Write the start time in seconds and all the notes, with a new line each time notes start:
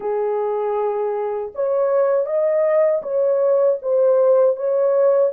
0.00 G#4
1.54 C#5
2.25 D#5
3.02 C#5
3.81 C5
4.56 C#5